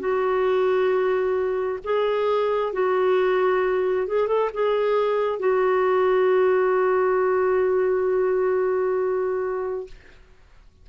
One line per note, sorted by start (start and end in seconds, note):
0.00 1.79 F#4
1.84 2.73 G#4
2.73 4.07 F#4
4.07 4.28 G#4
4.28 4.50 A4
4.54 5.39 G#4
5.39 9.87 F#4